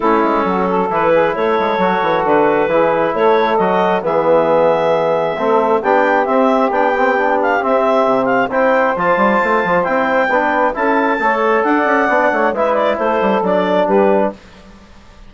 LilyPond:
<<
  \new Staff \with { instrumentName = "clarinet" } { \time 4/4 \tempo 4 = 134 a'2 b'4 cis''4~ | cis''4 b'2 cis''4 | dis''4 e''2.~ | e''4 g''4 e''4 g''4~ |
g''8 f''8 e''4. f''8 g''4 | a''2 g''2 | a''2 fis''2 | e''8 d''8 c''4 d''4 b'4 | }
  \new Staff \with { instrumentName = "saxophone" } { \time 4/4 e'4 fis'8 a'4 gis'8 a'4~ | a'2 gis'4 a'4~ | a'4 gis'2. | a'4 g'2.~ |
g'2. c''4~ | c''2. b'4 | a'4 cis''4 d''4. cis''8 | b'4 a'2 g'4 | }
  \new Staff \with { instrumentName = "trombone" } { \time 4/4 cis'2 e'2 | fis'2 e'2 | fis'4 b2. | c'4 d'4 c'4 d'8 c'8 |
d'4 c'2 e'4 | f'2 e'4 d'4 | e'4 a'2 d'4 | e'2 d'2 | }
  \new Staff \with { instrumentName = "bassoon" } { \time 4/4 a8 gis8 fis4 e4 a8 gis8 | fis8 e8 d4 e4 a4 | fis4 e2. | a4 b4 c'4 b4~ |
b4 c'4 c4 c'4 | f8 g8 a8 f8 c'4 b4 | cis'4 a4 d'8 cis'8 b8 a8 | gis4 a8 g8 fis4 g4 | }
>>